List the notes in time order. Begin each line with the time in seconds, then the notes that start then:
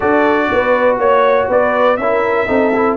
0.00 D4 F#4 A4 D5
0.51 B3 B4
0.98 A#3 C#5
1.48 B3 B4 D5
1.96 C#4 E4 A#4 E5
2.47 C4 D#4 A4
2.75 E4